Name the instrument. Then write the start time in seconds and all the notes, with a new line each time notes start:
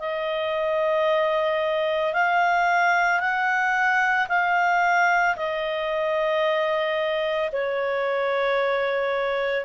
clarinet
0.00 D#5
2.14 F5
3.20 F#5
4.29 F5
5.37 D#5
7.53 C#5